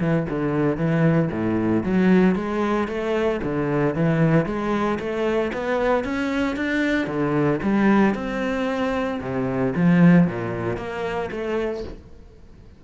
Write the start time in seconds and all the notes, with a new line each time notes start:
0.00 E3
0.29 D3
0.77 E3
1.31 A2
1.83 F#3
2.35 G#3
2.88 A3
3.43 D3
3.94 E3
4.45 G#3
4.99 A3
5.53 B3
6.04 C#4
6.56 D4
7.07 D3
7.62 G3
8.14 C4
9.20 C3
9.75 F3
10.27 A#2
10.77 A#3
11.31 A3